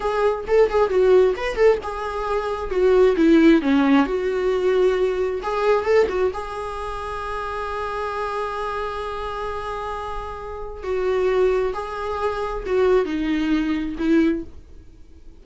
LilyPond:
\new Staff \with { instrumentName = "viola" } { \time 4/4 \tempo 4 = 133 gis'4 a'8 gis'8 fis'4 b'8 a'8 | gis'2 fis'4 e'4 | cis'4 fis'2. | gis'4 a'8 fis'8 gis'2~ |
gis'1~ | gis'1 | fis'2 gis'2 | fis'4 dis'2 e'4 | }